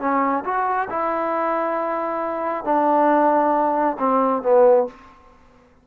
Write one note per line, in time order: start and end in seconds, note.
0.00 0.44 C#4
0.45 0.89 F#4
0.90 2.65 E4
2.65 3.97 D4
3.99 4.43 C4
4.43 4.87 B3